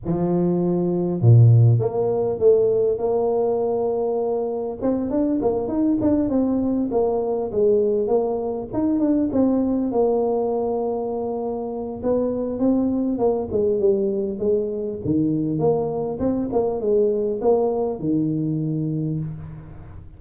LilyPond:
\new Staff \with { instrumentName = "tuba" } { \time 4/4 \tempo 4 = 100 f2 ais,4 ais4 | a4 ais2. | c'8 d'8 ais8 dis'8 d'8 c'4 ais8~ | ais8 gis4 ais4 dis'8 d'8 c'8~ |
c'8 ais2.~ ais8 | b4 c'4 ais8 gis8 g4 | gis4 dis4 ais4 c'8 ais8 | gis4 ais4 dis2 | }